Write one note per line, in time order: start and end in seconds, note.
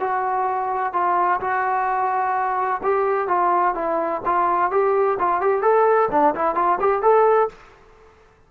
0.00 0.93 F#4
0.93 1.40 F4
1.41 2.81 F#4
2.83 3.28 G4
3.28 3.75 F4
3.75 4.22 E4
4.25 4.71 F4
4.71 5.18 G4
5.19 5.41 F4
5.41 5.62 G4
5.62 6.09 A4
6.11 6.35 D4
6.35 6.55 E4
6.55 6.79 F4
6.80 7.02 G4
7.02 7.49 A4